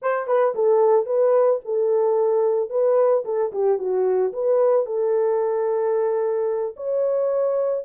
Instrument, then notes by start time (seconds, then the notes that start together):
horn
0.01 C5
0.27 B4
0.54 A4
1.05 B4
1.64 A4
2.69 B4
3.24 A4
3.52 G4
3.78 F#4
4.32 B4
4.86 A4
6.76 C#5